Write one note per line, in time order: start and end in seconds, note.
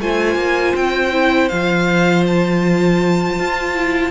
0.00 0.36 A3
0.00 1.12 F4
0.00 4.12 C5
0.00 0.76 G#5
0.36 0.73 A#3
0.76 1.51 C4
0.76 1.49 G5
1.12 1.50 E4
1.49 3.39 F3
1.49 3.75 F4
1.49 2.24 F5
2.27 4.12 A5
3.39 4.12 F4
3.75 4.12 E4